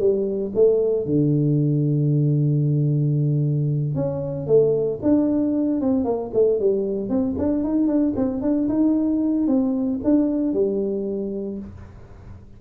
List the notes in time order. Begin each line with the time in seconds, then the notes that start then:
0.00 G3
0.55 A3
1.06 D3
3.96 C#4
4.47 A3
5.03 D4
5.81 C4
6.05 A#3
6.34 A3
6.60 G3
7.10 C4
7.39 D4
7.64 D#4
7.88 D4
8.17 C4
8.42 D4
8.69 D#4
9.48 C4
10.05 D4
10.54 G3